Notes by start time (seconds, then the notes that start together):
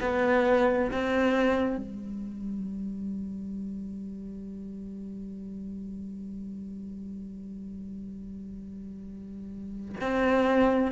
0.00 B3
0.91 C4
1.77 G3
10.00 C4